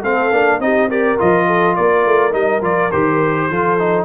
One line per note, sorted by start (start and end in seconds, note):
0.00 0.31 A3
0.00 0.32 C4
0.00 0.58 A4
0.00 0.61 F5
0.31 0.59 A#3
0.31 0.60 D4
0.59 1.17 C4
0.59 0.89 D#4
0.59 0.88 G4
0.59 0.90 D#5
0.88 1.18 G4
0.88 1.46 A#4
0.88 1.19 D5
1.18 1.78 F3
1.18 2.32 F4
1.18 1.75 D#5
1.46 1.75 A4
1.75 2.05 A#3
1.75 3.48 A#4
1.75 2.33 D5
2.05 2.34 A3
2.32 2.61 G3
2.32 2.60 D#4
2.32 2.62 D#5
2.61 2.90 F3
2.61 2.91 F4
2.61 2.91 D5
2.91 3.50 D#3
2.91 3.50 G4
2.91 4.05 C5
3.49 4.05 F3
3.49 3.79 F4
3.49 4.05 A4
3.79 4.05 D#4